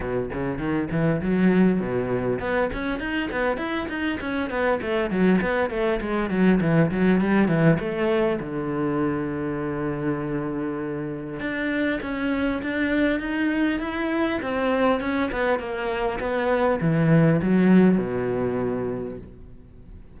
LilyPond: \new Staff \with { instrumentName = "cello" } { \time 4/4 \tempo 4 = 100 b,8 cis8 dis8 e8 fis4 b,4 | b8 cis'8 dis'8 b8 e'8 dis'8 cis'8 b8 | a8 fis8 b8 a8 gis8 fis8 e8 fis8 | g8 e8 a4 d2~ |
d2. d'4 | cis'4 d'4 dis'4 e'4 | c'4 cis'8 b8 ais4 b4 | e4 fis4 b,2 | }